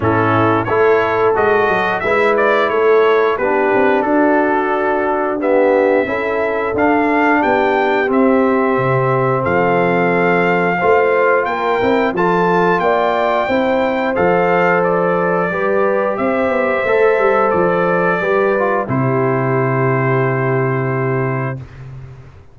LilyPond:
<<
  \new Staff \with { instrumentName = "trumpet" } { \time 4/4 \tempo 4 = 89 a'4 cis''4 dis''4 e''8 d''8 | cis''4 b'4 a'2 | e''2 f''4 g''4 | e''2 f''2~ |
f''4 g''4 a''4 g''4~ | g''4 f''4 d''2 | e''2 d''2 | c''1 | }
  \new Staff \with { instrumentName = "horn" } { \time 4/4 e'4 a'2 b'4 | a'4 g'4 fis'2 | g'4 a'2 g'4~ | g'2 a'2 |
c''4 ais'4 a'4 d''4 | c''2. b'4 | c''2. b'4 | g'1 | }
  \new Staff \with { instrumentName = "trombone" } { \time 4/4 cis'4 e'4 fis'4 e'4~ | e'4 d'2. | b4 e'4 d'2 | c'1 |
f'4. e'8 f'2 | e'4 a'2 g'4~ | g'4 a'2 g'8 f'8 | e'1 | }
  \new Staff \with { instrumentName = "tuba" } { \time 4/4 a,4 a4 gis8 fis8 gis4 | a4 b8 c'8 d'2~ | d'4 cis'4 d'4 b4 | c'4 c4 f2 |
a4 ais8 c'8 f4 ais4 | c'4 f2 g4 | c'8 b8 a8 g8 f4 g4 | c1 | }
>>